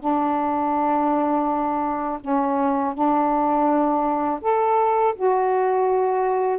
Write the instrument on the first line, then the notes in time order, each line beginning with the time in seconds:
saxophone
0.00 D4
2.21 C#4
2.94 D4
4.41 A4
5.16 F#4